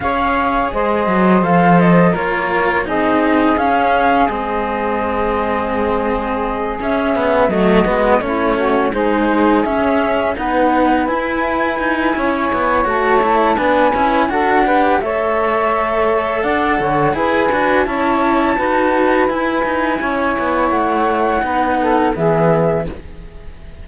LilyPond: <<
  \new Staff \with { instrumentName = "flute" } { \time 4/4 \tempo 4 = 84 f''4 dis''4 f''8 dis''8 cis''4 | dis''4 f''4 dis''2~ | dis''4. e''4 dis''4 cis''8~ | cis''8 c''4 e''4 fis''4 gis''8~ |
gis''2 a''4 gis''4 | fis''4 e''2 fis''4 | gis''4 a''2 gis''4~ | gis''4 fis''2 e''4 | }
  \new Staff \with { instrumentName = "saxophone" } { \time 4/4 cis''4 c''2 ais'4 | gis'1~ | gis'2~ gis'8 fis'4 e'8 | fis'8 gis'2 b'4.~ |
b'4 cis''2 b'4 | a'8 b'8 cis''2 d''8 cis''8 | b'4 cis''4 b'2 | cis''2 b'8 a'8 gis'4 | }
  \new Staff \with { instrumentName = "cello" } { \time 4/4 gis'2 a'4 f'4 | dis'4 cis'4 c'2~ | c'4. cis'8 b8 a8 b8 cis'8~ | cis'8 dis'4 cis'4 dis'4 e'8~ |
e'2 fis'8 e'8 d'8 e'8 | fis'8 g'8 a'2. | gis'8 fis'8 e'4 fis'4 e'4~ | e'2 dis'4 b4 | }
  \new Staff \with { instrumentName = "cello" } { \time 4/4 cis'4 gis8 fis8 f4 ais4 | c'4 cis'4 gis2~ | gis4. cis'4 fis8 gis8 a8~ | a8 gis4 cis'4 b4 e'8~ |
e'8 dis'8 cis'8 b8 a4 b8 cis'8 | d'4 a2 d'8 d8 | e'8 d'8 cis'4 dis'4 e'8 dis'8 | cis'8 b8 a4 b4 e4 | }
>>